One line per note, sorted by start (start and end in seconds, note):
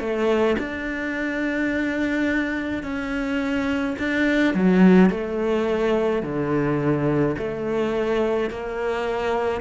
0.00 0.57 A3
0.59 2.83 D4
2.83 3.96 C#4
3.99 4.54 D4
4.54 5.10 F#3
5.10 6.23 A3
6.23 7.36 D3
7.38 8.50 A3
8.50 9.61 A#3